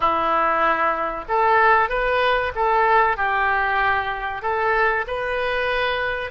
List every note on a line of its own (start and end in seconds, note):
0.00 1.24 E4
1.28 1.89 A4
1.89 2.52 B4
2.55 3.17 A4
3.17 4.42 G4
4.42 5.05 A4
5.07 6.30 B4